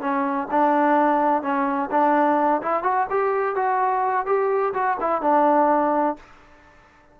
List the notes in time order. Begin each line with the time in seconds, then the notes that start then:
0.00 C#4
0.50 D4
1.42 C#4
1.90 D4
2.62 E4
2.83 F#4
3.09 G4
3.55 F#4
4.26 G4
4.73 F#4
5.00 E4
5.21 D4